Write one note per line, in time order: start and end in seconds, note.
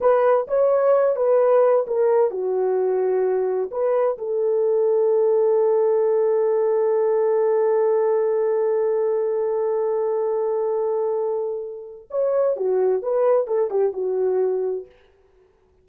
0.00 0.47 B4
0.47 1.15 C#5
1.15 1.85 B4
1.87 2.30 A#4
2.30 3.70 F#4
3.71 4.17 B4
4.18 12.08 A4
12.10 12.56 C#5
12.56 13.02 F#4
13.02 13.47 B4
13.47 13.70 A4
13.70 13.92 G4
13.92 14.85 F#4